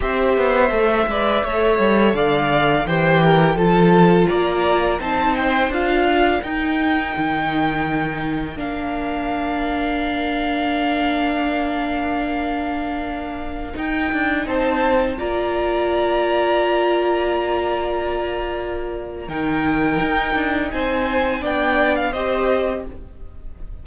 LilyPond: <<
  \new Staff \with { instrumentName = "violin" } { \time 4/4 \tempo 4 = 84 e''2. f''4 | g''4 a''4 ais''4 a''8 g''8 | f''4 g''2. | f''1~ |
f''2.~ f''16 g''8.~ | g''16 a''4 ais''2~ ais''8.~ | ais''2. g''4~ | g''4 gis''4 g''8. f''16 dis''4 | }
  \new Staff \with { instrumentName = "violin" } { \time 4/4 c''4. d''8 cis''4 d''4 | c''8 ais'8 a'4 d''4 c''4~ | c''8 ais'2.~ ais'8~ | ais'1~ |
ais'1~ | ais'16 c''4 d''2~ d''8.~ | d''2. ais'4~ | ais'4 c''4 d''4 c''4 | }
  \new Staff \with { instrumentName = "viola" } { \time 4/4 g'4 a'8 b'8 a'2 | g'4 f'2 dis'4 | f'4 dis'2. | d'1~ |
d'2.~ d'16 dis'8.~ | dis'4~ dis'16 f'2~ f'8.~ | f'2. dis'4~ | dis'2 d'4 g'4 | }
  \new Staff \with { instrumentName = "cello" } { \time 4/4 c'8 b8 a8 gis8 a8 g8 d4 | e4 f4 ais4 c'4 | d'4 dis'4 dis2 | ais1~ |
ais2.~ ais16 dis'8 d'16~ | d'16 c'4 ais2~ ais8.~ | ais2. dis4 | dis'8 d'8 c'4 b4 c'4 | }
>>